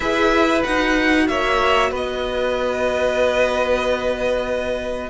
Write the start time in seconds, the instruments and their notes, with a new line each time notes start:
0.00 cello E4, viola G#4, violin B4 E5
0.63 cello D#4, viola F#4, violin F#5
1.27 cello A#3, violin C#5 E5
1.90 cello B3, violin B4 D#5